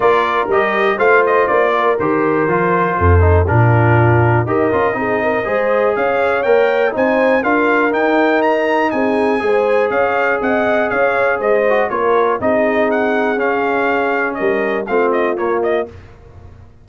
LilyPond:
<<
  \new Staff \with { instrumentName = "trumpet" } { \time 4/4 \tempo 4 = 121 d''4 dis''4 f''8 dis''8 d''4 | c''2. ais'4~ | ais'4 dis''2. | f''4 g''4 gis''4 f''4 |
g''4 ais''4 gis''2 | f''4 fis''4 f''4 dis''4 | cis''4 dis''4 fis''4 f''4~ | f''4 dis''4 f''8 dis''8 cis''8 dis''8 | }
  \new Staff \with { instrumentName = "horn" } { \time 4/4 ais'2 c''4. ais'8~ | ais'2 a'4 f'4~ | f'4 ais'4 gis'8 ais'8 c''4 | cis''2 c''4 ais'4~ |
ais'2 gis'4 c''4 | cis''4 dis''4 cis''4 c''4 | ais'4 gis'2.~ | gis'4 ais'4 f'2 | }
  \new Staff \with { instrumentName = "trombone" } { \time 4/4 f'4 g'4 f'2 | g'4 f'4. dis'8 d'4~ | d'4 g'8 f'8 dis'4 gis'4~ | gis'4 ais'4 dis'4 f'4 |
dis'2. gis'4~ | gis'2.~ gis'8 fis'8 | f'4 dis'2 cis'4~ | cis'2 c'4 ais4 | }
  \new Staff \with { instrumentName = "tuba" } { \time 4/4 ais4 g4 a4 ais4 | dis4 f4 f,4 ais,4~ | ais,4 dis'8 cis'8 c'4 gis4 | cis'4 ais4 c'4 d'4 |
dis'2 c'4 gis4 | cis'4 c'4 cis'4 gis4 | ais4 c'2 cis'4~ | cis'4 g4 a4 ais4 | }
>>